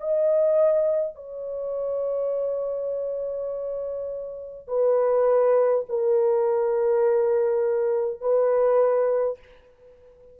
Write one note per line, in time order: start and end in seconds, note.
0.00 1.15 D#5
1.15 4.67 C#5
4.67 5.85 B4
5.89 8.21 A#4
8.21 9.39 B4